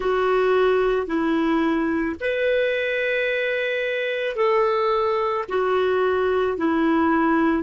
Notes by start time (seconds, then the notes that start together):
0.00 F#4
1.07 E4
2.20 B4
4.35 A4
5.48 F#4
6.57 E4